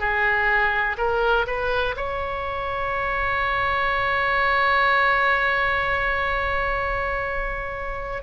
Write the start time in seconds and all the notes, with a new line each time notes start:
0.00 G#4
0.98 A#4
1.47 B4
1.97 C#5